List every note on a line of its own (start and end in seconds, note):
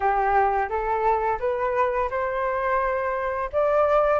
0.00 0.68 G4
0.69 1.39 A4
1.39 2.09 B4
2.10 3.50 C5
3.52 4.19 D5